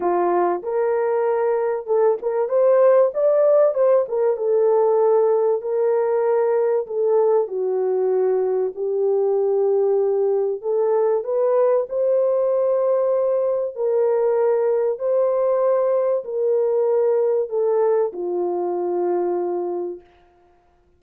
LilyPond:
\new Staff \with { instrumentName = "horn" } { \time 4/4 \tempo 4 = 96 f'4 ais'2 a'8 ais'8 | c''4 d''4 c''8 ais'8 a'4~ | a'4 ais'2 a'4 | fis'2 g'2~ |
g'4 a'4 b'4 c''4~ | c''2 ais'2 | c''2 ais'2 | a'4 f'2. | }